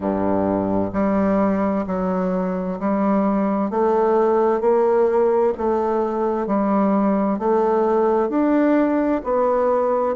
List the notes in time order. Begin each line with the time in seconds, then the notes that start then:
0.00 G2
0.93 G3
1.87 F#3
2.79 G3
3.70 A3
4.60 A#3
5.57 A3
6.46 G3
7.38 A3
8.29 D4
9.23 B3